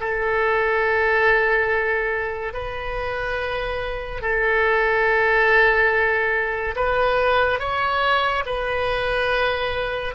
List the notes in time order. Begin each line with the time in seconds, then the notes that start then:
0.00 A4
2.54 B4
4.21 A4
6.76 B4
7.59 C#5
8.45 B4